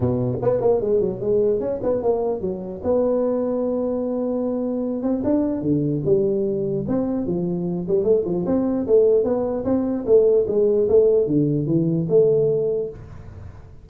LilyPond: \new Staff \with { instrumentName = "tuba" } { \time 4/4 \tempo 4 = 149 b,4 b8 ais8 gis8 fis8 gis4 | cis'8 b8 ais4 fis4 b4~ | b1~ | b8 c'8 d'4 d4 g4~ |
g4 c'4 f4. g8 | a8 f8 c'4 a4 b4 | c'4 a4 gis4 a4 | d4 e4 a2 | }